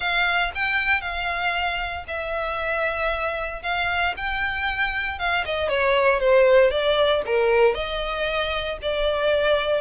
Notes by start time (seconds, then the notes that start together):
0.00 F5
0.54 G5
1.01 F5
2.07 E5
3.62 F5
4.16 G5
5.18 F5
5.45 D#5
5.68 C#5
6.20 C5
6.71 D5
7.26 A#4
7.74 D#5
8.82 D5